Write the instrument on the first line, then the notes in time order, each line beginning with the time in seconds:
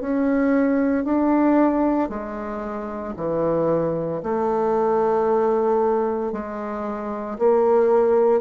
bassoon
0.00 C#4
1.04 D4
2.09 G#3
3.16 E3
4.22 A3
6.32 G#3
7.38 A#3